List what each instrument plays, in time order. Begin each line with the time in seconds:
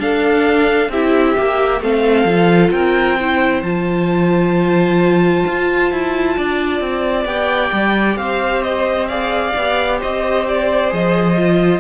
0.00 viola D4, cello D4, violin A4 F5
0.89 cello C4, viola E4, violin G4 E5
1.36 cello A#3, viola G4
1.81 cello A3, viola C4, violin A4 F5
2.25 cello F3, viola F4
2.71 cello C4, violin A#4 G5
3.20 viola E4, violin C5
3.63 cello F3, viola F4, violin A5
5.47 cello F4
5.92 cello E4
6.37 cello D4, violin D5
6.81 cello C4
7.26 cello B3, viola G4, violin G5
7.73 cello G3
8.17 cello C4, violin C5 F5
8.63 violin D#5
9.08 viola G#4, violin D5 F5
9.57 cello B3, viola G4
9.99 cello C4, violin C5 D#5
10.48 violin D5
10.90 cello F3, viola G#4, violin D#5
11.38 viola F4